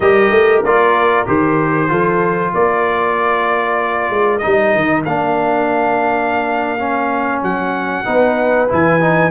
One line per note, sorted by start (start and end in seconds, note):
0.00 0.30 G3
0.00 0.64 G4
0.00 1.89 A#4
0.00 0.62 D#5
0.30 0.62 A3
0.62 1.26 A#3
0.62 1.26 F4
0.62 1.27 D5
1.26 1.90 D#3
1.26 1.88 G4
1.26 2.54 C5
1.88 2.53 F3
1.88 4.41 F4
1.88 2.53 A4
2.53 4.09 A#3
2.53 8.05 A#4
2.53 4.38 D5
4.09 4.41 G#3
4.38 5.05 D#4
4.38 5.01 D#5
4.45 4.74 G3
4.74 5.05 D#3
5.05 7.42 A#3
5.05 6.78 D4
5.05 7.42 F5
6.78 8.04 C#4
7.42 8.05 F#3
7.42 8.69 F#5
8.04 8.70 B3
8.04 8.68 D#4
8.04 9.31 B4
8.68 9.31 E3
8.68 9.00 E4
8.68 9.31 G#5
9.00 9.31 D#4